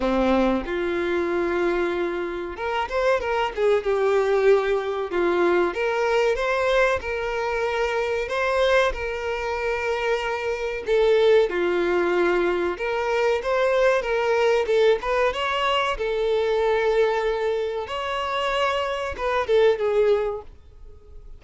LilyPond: \new Staff \with { instrumentName = "violin" } { \time 4/4 \tempo 4 = 94 c'4 f'2. | ais'8 c''8 ais'8 gis'8 g'2 | f'4 ais'4 c''4 ais'4~ | ais'4 c''4 ais'2~ |
ais'4 a'4 f'2 | ais'4 c''4 ais'4 a'8 b'8 | cis''4 a'2. | cis''2 b'8 a'8 gis'4 | }